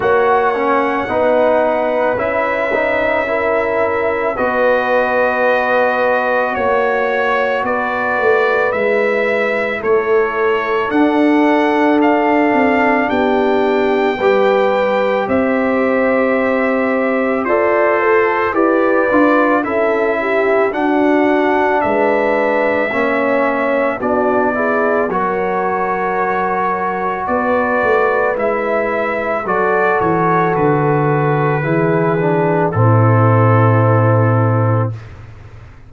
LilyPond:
<<
  \new Staff \with { instrumentName = "trumpet" } { \time 4/4 \tempo 4 = 55 fis''2 e''2 | dis''2 cis''4 d''4 | e''4 cis''4 fis''4 f''4 | g''2 e''2 |
c''4 d''4 e''4 fis''4 | e''2 d''4 cis''4~ | cis''4 d''4 e''4 d''8 cis''8 | b'2 a'2 | }
  \new Staff \with { instrumentName = "horn" } { \time 4/4 cis''4 b'2 ais'4 | b'2 cis''4 b'4~ | b'4 a'2. | g'4 b'4 c''2 |
d''8 a'8 b'4 a'8 g'8 fis'4 | b'4 cis''4 fis'8 gis'8 ais'4~ | ais'4 b'2 a'4~ | a'4 gis'4 e'2 | }
  \new Staff \with { instrumentName = "trombone" } { \time 4/4 fis'8 cis'8 dis'4 e'8 dis'8 e'4 | fis'1 | e'2 d'2~ | d'4 g'2. |
a'4 g'8 f'8 e'4 d'4~ | d'4 cis'4 d'8 e'8 fis'4~ | fis'2 e'4 fis'4~ | fis'4 e'8 d'8 c'2 | }
  \new Staff \with { instrumentName = "tuba" } { \time 4/4 ais4 b4 cis'2 | b2 ais4 b8 a8 | gis4 a4 d'4. c'8 | b4 g4 c'2 |
f'4 e'8 d'8 cis'4 d'4 | gis4 ais4 b4 fis4~ | fis4 b8 a8 gis4 fis8 e8 | d4 e4 a,2 | }
>>